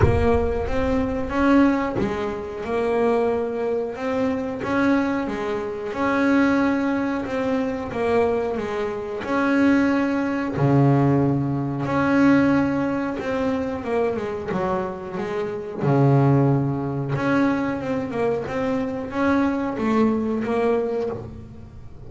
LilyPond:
\new Staff \with { instrumentName = "double bass" } { \time 4/4 \tempo 4 = 91 ais4 c'4 cis'4 gis4 | ais2 c'4 cis'4 | gis4 cis'2 c'4 | ais4 gis4 cis'2 |
cis2 cis'2 | c'4 ais8 gis8 fis4 gis4 | cis2 cis'4 c'8 ais8 | c'4 cis'4 a4 ais4 | }